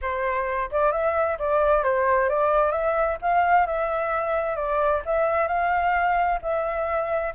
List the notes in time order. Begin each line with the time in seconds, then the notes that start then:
0.01 C5
0.71 D5
0.92 E5
1.38 D5
1.83 C5
2.29 D5
2.71 E5
3.21 F5
3.66 E5
4.56 D5
5.05 E5
5.47 F5
6.41 E5